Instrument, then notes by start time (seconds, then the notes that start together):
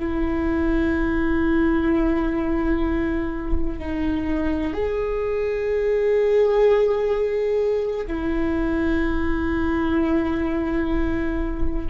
viola
0.00 E4
3.80 D#4
4.74 G#4
8.07 E4